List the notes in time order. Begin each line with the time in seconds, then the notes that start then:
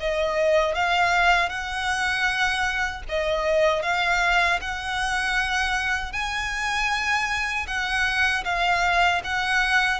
0.00 D#5
0.74 F5
1.49 F#5
3.08 D#5
3.82 F5
4.61 F#5
6.12 G#5
7.67 F#5
8.44 F5
9.23 F#5